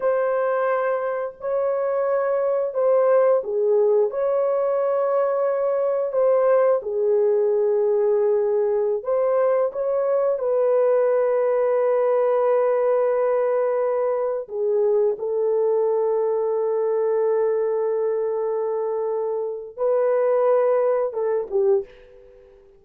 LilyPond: \new Staff \with { instrumentName = "horn" } { \time 4/4 \tempo 4 = 88 c''2 cis''2 | c''4 gis'4 cis''2~ | cis''4 c''4 gis'2~ | gis'4~ gis'16 c''4 cis''4 b'8.~ |
b'1~ | b'4~ b'16 gis'4 a'4.~ a'16~ | a'1~ | a'4 b'2 a'8 g'8 | }